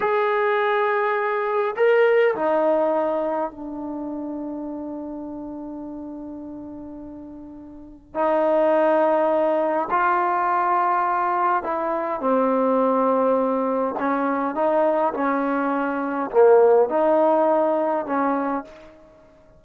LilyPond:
\new Staff \with { instrumentName = "trombone" } { \time 4/4 \tempo 4 = 103 gis'2. ais'4 | dis'2 d'2~ | d'1~ | d'2 dis'2~ |
dis'4 f'2. | e'4 c'2. | cis'4 dis'4 cis'2 | ais4 dis'2 cis'4 | }